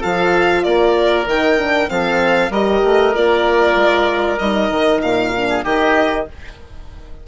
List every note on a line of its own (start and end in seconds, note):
0.00 0.65 F3
0.00 1.27 F4
0.00 0.62 A4
0.00 0.63 F5
0.63 1.26 A#3
0.63 1.90 A#4
0.63 1.26 D5
1.26 1.89 D#3
1.26 1.57 D#4
1.26 1.89 G5
1.57 1.88 D4
1.88 2.50 F3
1.88 2.51 C4
1.88 2.51 A4
1.88 2.52 F5
2.50 2.81 G3
2.50 3.14 G4
2.50 5.48 A#4
2.50 3.15 D#5
2.84 3.15 A3
3.14 3.76 A#3
3.14 4.39 F4
3.14 4.38 D5
3.76 4.38 G#3
4.38 4.70 G3
4.38 5.35 D#4
4.38 5.01 D#5
4.70 5.01 D#3
5.02 5.65 A#2
5.02 5.64 F5
5.36 5.65 D4
5.49 5.64 G#4
5.64 6.27 D#3
5.64 6.27 D#4
5.64 6.26 G4
5.64 6.27 D#5